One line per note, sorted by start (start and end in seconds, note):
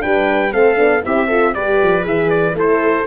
0.00 0.54 G3
0.00 0.51 D4
0.00 0.53 B4
0.00 0.53 G5
0.51 0.78 A3
0.51 0.76 C4
0.51 1.04 A4
0.51 1.04 F5
0.76 1.04 B3
0.76 1.01 D4
1.03 1.56 C4
1.03 1.29 E4
1.03 1.28 G4
1.03 1.54 E5
1.28 1.55 F4
1.28 1.53 A4
1.54 1.81 G3
1.54 2.02 G4
1.54 2.57 B4
1.54 2.05 D5
1.82 2.05 F3
2.02 2.53 E3
2.02 2.52 G#4
2.02 2.30 E5
2.30 2.55 D5
2.53 3.04 A3
2.53 3.05 E4
2.53 3.06 A4
2.53 3.06 C5